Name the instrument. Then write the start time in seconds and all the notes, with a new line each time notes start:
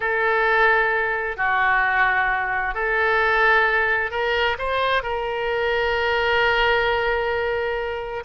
oboe
0.00 A4
1.37 F#4
2.74 A4
4.10 A#4
4.58 C5
5.03 A#4